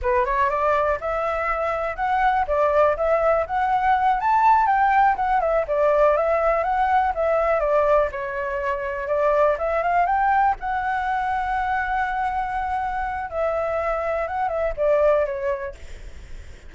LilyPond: \new Staff \with { instrumentName = "flute" } { \time 4/4 \tempo 4 = 122 b'8 cis''8 d''4 e''2 | fis''4 d''4 e''4 fis''4~ | fis''8 a''4 g''4 fis''8 e''8 d''8~ | d''8 e''4 fis''4 e''4 d''8~ |
d''8 cis''2 d''4 e''8 | f''8 g''4 fis''2~ fis''8~ | fis''2. e''4~ | e''4 fis''8 e''8 d''4 cis''4 | }